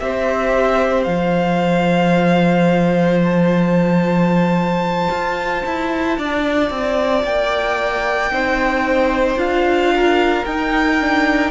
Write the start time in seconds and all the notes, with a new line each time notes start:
0.00 C4 G4 C5 E5
1.04 F3 F4 F5
3.25 A5
5.11 F4
5.67 E4
6.18 D4 D5
6.71 C4
7.24 A#3 G5
8.31 C4 D#4 C5
9.36 D4 F4 F5
9.96 A#4
10.46 D#4 G5
11.01 D4